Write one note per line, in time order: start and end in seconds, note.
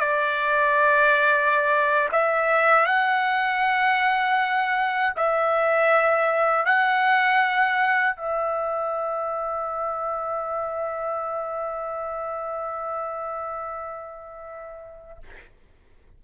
0.00 2.09 D5
2.12 2.86 E5
2.86 5.14 F#5
5.16 6.66 E5
6.66 8.16 F#5
8.16 15.19 E5